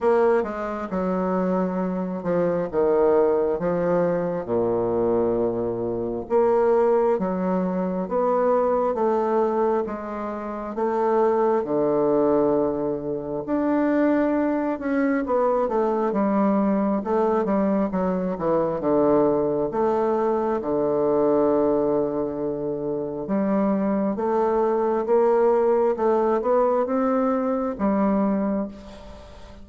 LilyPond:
\new Staff \with { instrumentName = "bassoon" } { \time 4/4 \tempo 4 = 67 ais8 gis8 fis4. f8 dis4 | f4 ais,2 ais4 | fis4 b4 a4 gis4 | a4 d2 d'4~ |
d'8 cis'8 b8 a8 g4 a8 g8 | fis8 e8 d4 a4 d4~ | d2 g4 a4 | ais4 a8 b8 c'4 g4 | }